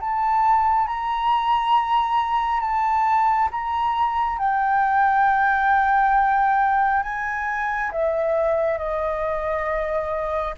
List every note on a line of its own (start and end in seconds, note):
0.00 0.87 A5
0.87 2.60 A#5
2.60 3.49 A5
3.51 4.38 A#5
4.38 7.03 G5
7.03 7.91 G#5
7.92 8.78 E5
8.78 10.54 D#5